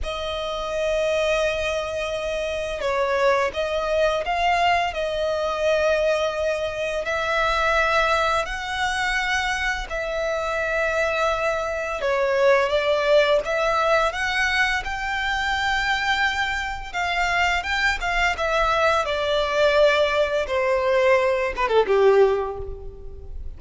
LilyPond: \new Staff \with { instrumentName = "violin" } { \time 4/4 \tempo 4 = 85 dis''1 | cis''4 dis''4 f''4 dis''4~ | dis''2 e''2 | fis''2 e''2~ |
e''4 cis''4 d''4 e''4 | fis''4 g''2. | f''4 g''8 f''8 e''4 d''4~ | d''4 c''4. b'16 a'16 g'4 | }